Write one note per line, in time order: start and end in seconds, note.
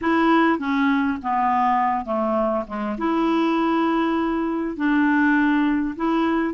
0.01 0.59 E4
0.59 1.18 C#4
1.22 2.05 B3
2.05 2.64 A3
2.67 2.96 G#3
2.98 4.76 E4
4.76 5.95 D4
5.96 6.53 E4